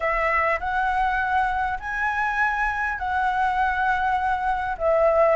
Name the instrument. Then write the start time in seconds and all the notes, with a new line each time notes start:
flute
0.00 E5
0.59 F#5
1.79 G#5
2.98 F#5
4.78 E5